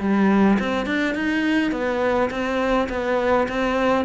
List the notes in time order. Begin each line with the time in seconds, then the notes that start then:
0.00 G3
0.59 C4
0.86 D4
1.15 D#4
1.72 B3
2.31 C4
2.89 B3
3.48 C4